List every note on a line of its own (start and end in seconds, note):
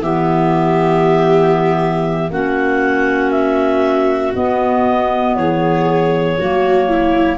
0.00 2.29 E3
0.00 2.30 B3
0.00 2.31 G4
0.00 2.30 E5
2.29 4.33 A#3
2.29 4.33 C#4
2.29 5.37 F#4
2.29 3.31 F#5
3.31 4.32 E5
4.33 6.37 B3
4.33 5.36 B3
4.33 5.35 D#5
5.35 6.37 E3
5.35 6.38 G#4
5.35 7.37 C#5
6.38 7.37 F#3
6.38 7.37 A#3
6.38 6.88 F#4
6.88 7.37 E4